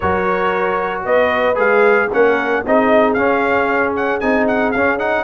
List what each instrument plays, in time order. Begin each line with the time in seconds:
0.00 tuba F#3, trombone F#4, horn A#4, trumpet C#5
1.04 tuba B3, horn B4, trumpet D#5
1.55 tuba G#3, trombone G#4, trumpet F5
2.10 tuba A#3, trombone C#4, horn A#4, trumpet F#5
2.65 tuba C4, trombone D#4, horn G#4, trumpet D#5
3.13 tuba C#4, trombone C#4, trumpet F5
3.96 trumpet F#5
4.20 tuba C4, trombone D#4, trumpet G#5
4.47 trumpet F#5
4.71 tuba C#4, trombone C#4, trumpet F5
4.99 trombone D#4, trumpet F#5